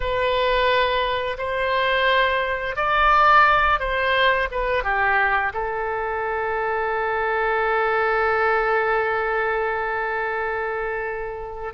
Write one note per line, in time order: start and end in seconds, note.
0.00 1.37 B4
1.38 2.76 C5
2.76 3.79 D5
3.79 4.48 C5
4.51 4.83 B4
4.83 5.52 G4
5.53 11.73 A4